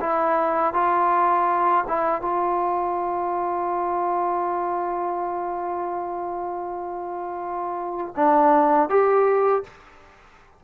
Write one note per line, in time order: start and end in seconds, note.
0.00 0.73 E4
0.73 1.84 F4
1.88 2.21 E4
2.21 8.14 F4
8.16 8.89 D4
8.89 9.63 G4